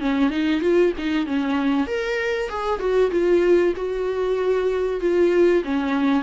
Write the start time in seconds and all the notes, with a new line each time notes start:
0.00 C#4
0.30 D#4
0.61 F4
0.97 D#4
1.26 C#4
1.87 A#4
2.49 G#4
2.79 F#4
3.11 F4
3.76 F#4
5.00 F4
5.64 C#4